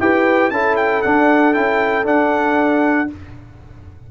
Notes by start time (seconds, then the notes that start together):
0.00 E4 G4 B4 G5
0.50 C#4 E4 A4 A5
0.77 G5
1.02 D4 F#5
1.54 C#4 E4 G5
2.05 D4 F#5